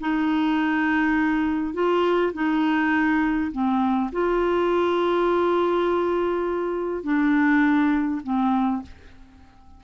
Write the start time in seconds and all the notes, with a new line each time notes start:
0.00 D#4
1.74 F4
2.34 D#4
3.52 C4
4.12 F4
7.04 D4
8.24 C4